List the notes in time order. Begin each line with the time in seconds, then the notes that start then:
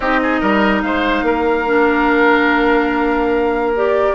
0.00 C4 D#4 G4 D#5
0.22 G#4
0.40 G3 A#4
0.81 G#3 C5 F5
1.22 A#3 A#4
1.66 D4
3.75 G4 D5